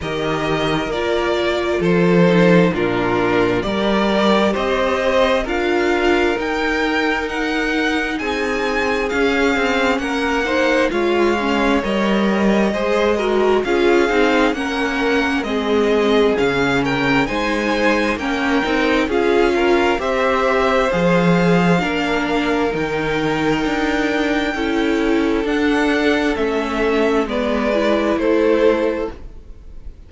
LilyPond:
<<
  \new Staff \with { instrumentName = "violin" } { \time 4/4 \tempo 4 = 66 dis''4 d''4 c''4 ais'4 | d''4 dis''4 f''4 g''4 | fis''4 gis''4 f''4 fis''4 | f''4 dis''2 f''4 |
fis''4 dis''4 f''8 g''8 gis''4 | g''4 f''4 e''4 f''4~ | f''4 g''2. | fis''4 e''4 d''4 c''4 | }
  \new Staff \with { instrumentName = "violin" } { \time 4/4 ais'2 a'4 f'4 | ais'4 c''4 ais'2~ | ais'4 gis'2 ais'8 c''8 | cis''2 c''8 ais'8 gis'4 |
ais'4 gis'4. ais'8 c''4 | ais'4 gis'8 ais'8 c''2 | ais'2. a'4~ | a'2 b'4 a'4 | }
  \new Staff \with { instrumentName = "viola" } { \time 4/4 g'4 f'4. dis'8 d'4 | g'2 f'4 dis'4~ | dis'2 cis'4. dis'8 | f'8 cis'8 ais'4 gis'8 fis'8 f'8 dis'8 |
cis'4 c'4 cis'4 dis'4 | cis'8 dis'8 f'4 g'4 gis'4 | d'4 dis'2 e'4 | d'4 cis'4 b8 e'4. | }
  \new Staff \with { instrumentName = "cello" } { \time 4/4 dis4 ais4 f4 ais,4 | g4 c'4 d'4 dis'4~ | dis'4 c'4 cis'8 c'8 ais4 | gis4 g4 gis4 cis'8 c'8 |
ais4 gis4 cis4 gis4 | ais8 c'8 cis'4 c'4 f4 | ais4 dis4 d'4 cis'4 | d'4 a4 gis4 a4 | }
>>